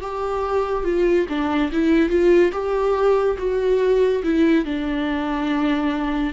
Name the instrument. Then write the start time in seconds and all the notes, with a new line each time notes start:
viola
0.00 G4
0.84 F4
1.29 D4
1.72 E4
2.09 F4
2.52 G4
3.38 F#4
4.23 E4
4.65 D4